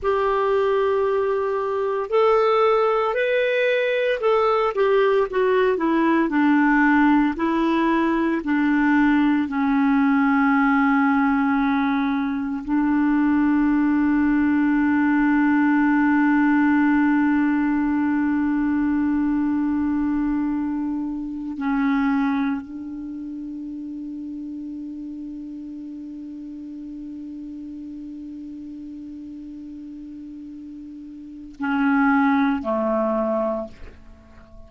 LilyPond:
\new Staff \with { instrumentName = "clarinet" } { \time 4/4 \tempo 4 = 57 g'2 a'4 b'4 | a'8 g'8 fis'8 e'8 d'4 e'4 | d'4 cis'2. | d'1~ |
d'1~ | d'8 cis'4 d'2~ d'8~ | d'1~ | d'2 cis'4 a4 | }